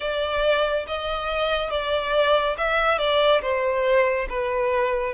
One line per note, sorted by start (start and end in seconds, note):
0.00 0.86 D5
0.87 1.70 D#5
1.70 2.56 D5
2.57 2.98 E5
2.98 3.41 D5
3.41 4.27 C5
4.29 5.14 B4